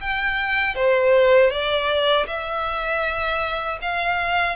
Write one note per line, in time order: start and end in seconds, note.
0.00 0.75 G5
0.75 1.51 C5
1.51 2.26 D5
2.27 3.79 E5
3.81 4.56 F5